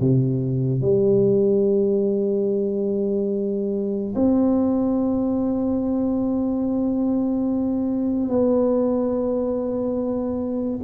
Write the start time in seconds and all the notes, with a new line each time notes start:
0.00 C3
0.81 G3
4.16 C4
8.29 B3